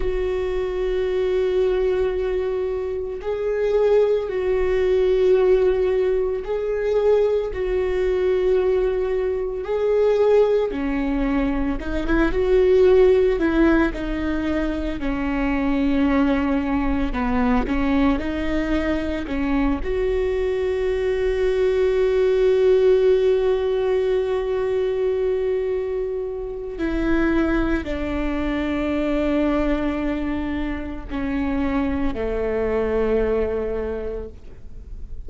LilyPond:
\new Staff \with { instrumentName = "viola" } { \time 4/4 \tempo 4 = 56 fis'2. gis'4 | fis'2 gis'4 fis'4~ | fis'4 gis'4 cis'4 dis'16 e'16 fis'8~ | fis'8 e'8 dis'4 cis'2 |
b8 cis'8 dis'4 cis'8 fis'4.~ | fis'1~ | fis'4 e'4 d'2~ | d'4 cis'4 a2 | }